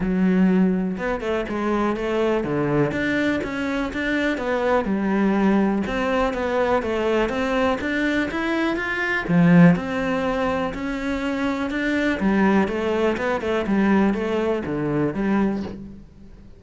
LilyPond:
\new Staff \with { instrumentName = "cello" } { \time 4/4 \tempo 4 = 123 fis2 b8 a8 gis4 | a4 d4 d'4 cis'4 | d'4 b4 g2 | c'4 b4 a4 c'4 |
d'4 e'4 f'4 f4 | c'2 cis'2 | d'4 g4 a4 b8 a8 | g4 a4 d4 g4 | }